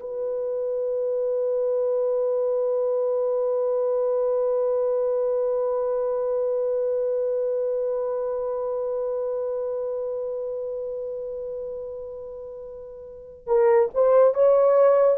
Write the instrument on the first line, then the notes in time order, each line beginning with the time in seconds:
horn
0.00 B4
13.47 A#4
13.94 C5
14.34 C#5